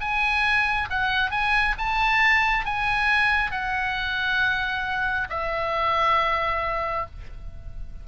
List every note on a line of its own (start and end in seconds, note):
0.00 0.88 G#5
0.89 1.30 F#5
1.30 1.74 G#5
1.78 2.65 A5
2.65 3.51 G#5
3.51 5.27 F#5
5.29 7.05 E5